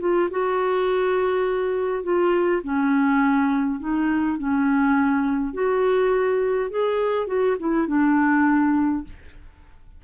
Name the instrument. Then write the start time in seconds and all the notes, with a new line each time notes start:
clarinet
0.00 F4
0.31 F#4
2.04 F4
2.63 C#4
3.80 D#4
4.38 C#4
5.54 F#4
6.71 G#4
7.27 F#4
7.60 E4
7.88 D4